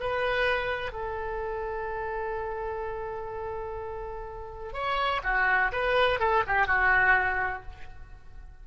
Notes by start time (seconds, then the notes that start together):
0.00 B4
0.92 A4
4.73 C#5
5.24 F#4
5.72 B4
6.20 A4
6.47 G4
6.67 F#4